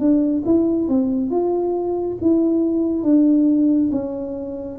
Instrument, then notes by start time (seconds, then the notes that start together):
tuba
0.00 D4
0.46 E4
0.89 C4
1.31 F4
2.22 E4
3.04 D4
3.92 C#4